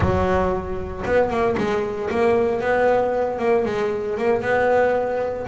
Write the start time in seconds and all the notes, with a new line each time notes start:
0.00 F#3
1.05 B3
1.29 A#3
1.57 G#3
2.10 A#3
2.60 B3
3.39 A#3
3.65 G#3
4.17 A#3
4.42 B3